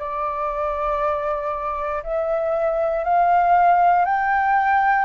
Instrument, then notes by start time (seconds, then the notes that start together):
flute
0.00 D5
2.04 E5
3.04 F5
4.05 G5